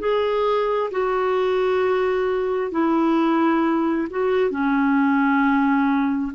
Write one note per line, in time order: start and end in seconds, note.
0.00 0.91 G#4
0.92 2.72 F#4
2.72 4.08 E4
4.11 4.51 F#4
4.51 6.33 C#4